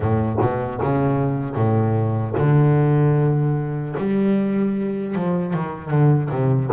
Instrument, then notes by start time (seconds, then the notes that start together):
double bass
0.00 A2
0.41 B2
0.82 C#3
1.55 A2
2.37 D3
3.97 G3
5.15 F3
5.53 D#3
5.90 D3
6.30 C3